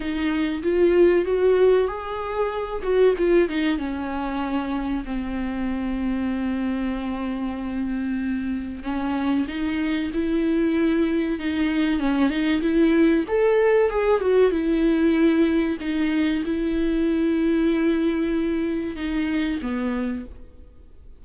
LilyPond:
\new Staff \with { instrumentName = "viola" } { \time 4/4 \tempo 4 = 95 dis'4 f'4 fis'4 gis'4~ | gis'8 fis'8 f'8 dis'8 cis'2 | c'1~ | c'2 cis'4 dis'4 |
e'2 dis'4 cis'8 dis'8 | e'4 a'4 gis'8 fis'8 e'4~ | e'4 dis'4 e'2~ | e'2 dis'4 b4 | }